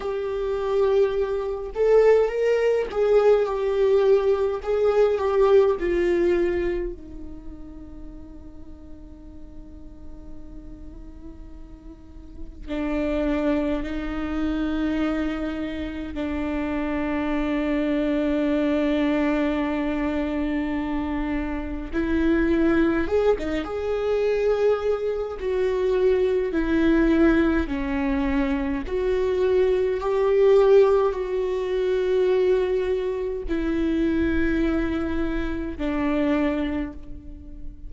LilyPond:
\new Staff \with { instrumentName = "viola" } { \time 4/4 \tempo 4 = 52 g'4. a'8 ais'8 gis'8 g'4 | gis'8 g'8 f'4 dis'2~ | dis'2. d'4 | dis'2 d'2~ |
d'2. e'4 | gis'16 dis'16 gis'4. fis'4 e'4 | cis'4 fis'4 g'4 fis'4~ | fis'4 e'2 d'4 | }